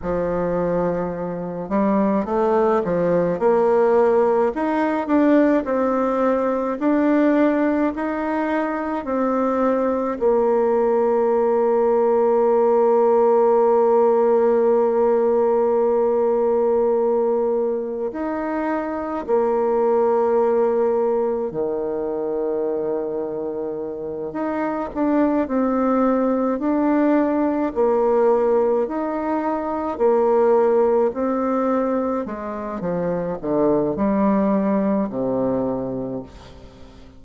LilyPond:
\new Staff \with { instrumentName = "bassoon" } { \time 4/4 \tempo 4 = 53 f4. g8 a8 f8 ais4 | dis'8 d'8 c'4 d'4 dis'4 | c'4 ais2.~ | ais1 |
dis'4 ais2 dis4~ | dis4. dis'8 d'8 c'4 d'8~ | d'8 ais4 dis'4 ais4 c'8~ | c'8 gis8 f8 d8 g4 c4 | }